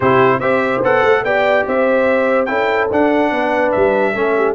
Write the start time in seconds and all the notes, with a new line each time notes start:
0.00 C3 E4 G4 C5
0.39 C4 G4 C5 E5
0.82 B3 A4 F#5
1.04 A3
1.23 B3 G4 D5 G5
1.66 C4 C5 E5
2.45 C#4 E4 A4 G5
2.91 D4 F#5
3.31 B3 B4
3.71 G3 E5
4.12 A3 C#4 A4
4.36 G4